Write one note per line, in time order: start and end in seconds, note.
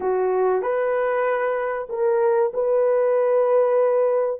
0.00 0.61 F#4
0.61 1.88 B4
1.89 2.52 A#4
2.53 4.40 B4